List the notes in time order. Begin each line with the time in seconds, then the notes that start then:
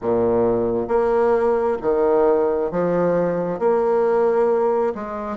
0.01 A#2
0.88 A#3
1.82 D#3
2.71 F3
3.59 A#3
4.94 G#3